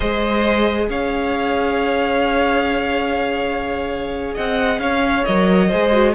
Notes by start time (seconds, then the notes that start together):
0.00 G#3 G#4 C5 D#5
0.89 C#4 C#5 F5
4.34 C4 D#5 F#5
4.78 C#4 C#5 F5
5.24 F#3 A#4 D#5
5.68 G#3 G#4 C5
5.91 F#4